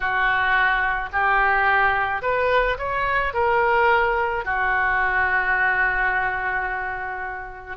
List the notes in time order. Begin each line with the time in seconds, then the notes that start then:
0.00 F#4
1.12 G4
2.22 B4
2.78 C#5
3.33 A#4
4.44 F#4